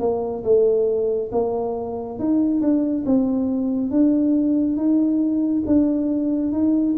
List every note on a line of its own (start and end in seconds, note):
0.00 0.43 A#3
0.43 1.30 A3
1.32 2.19 A#3
2.19 2.61 D#4
2.61 3.04 D4
3.06 3.91 C4
3.91 4.76 D4
4.76 5.63 D#4
5.66 6.52 D4
6.52 6.96 D#4